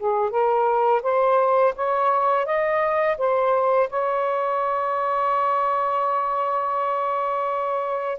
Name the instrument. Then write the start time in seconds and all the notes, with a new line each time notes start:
saxophone
0.00 G#4
0.31 A#4
1.03 C5
1.76 C#5
2.46 D#5
3.18 C5
3.90 C#5